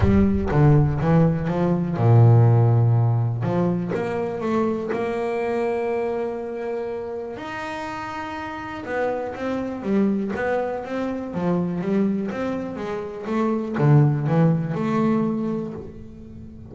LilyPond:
\new Staff \with { instrumentName = "double bass" } { \time 4/4 \tempo 4 = 122 g4 d4 e4 f4 | ais,2. f4 | ais4 a4 ais2~ | ais2. dis'4~ |
dis'2 b4 c'4 | g4 b4 c'4 f4 | g4 c'4 gis4 a4 | d4 e4 a2 | }